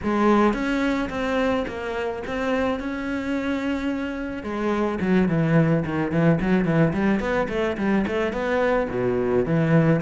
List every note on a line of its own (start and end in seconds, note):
0.03 0.53 G#3
0.53 1.09 C#4
1.09 1.65 C4
1.67 2.22 A#3
2.26 2.79 C4
2.79 4.43 C#4
4.43 4.98 G#3
5.00 5.28 F#3
5.28 5.84 E3
5.85 6.11 D#3
6.11 6.39 E3
6.40 6.64 F#3
6.64 6.92 E3
6.93 7.19 G3
7.19 7.47 B3
7.48 7.76 A3
7.77 8.05 G3
8.07 8.32 A3
8.32 8.88 B3
8.89 9.45 B2
9.45 10.01 E3